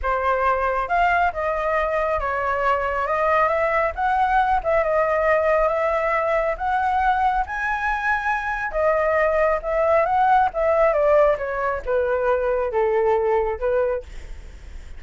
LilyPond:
\new Staff \with { instrumentName = "flute" } { \time 4/4 \tempo 4 = 137 c''2 f''4 dis''4~ | dis''4 cis''2 dis''4 | e''4 fis''4. e''8 dis''4~ | dis''4 e''2 fis''4~ |
fis''4 gis''2. | dis''2 e''4 fis''4 | e''4 d''4 cis''4 b'4~ | b'4 a'2 b'4 | }